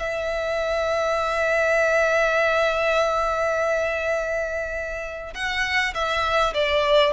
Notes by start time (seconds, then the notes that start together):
0.00 E5
5.35 F#5
5.95 E5
6.54 D5